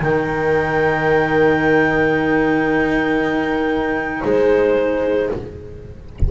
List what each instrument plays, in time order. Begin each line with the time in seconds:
0.00 double bass D#3, cello D#4, horn A#4, clarinet G5
4.23 double bass G#3, horn G#4, clarinet C5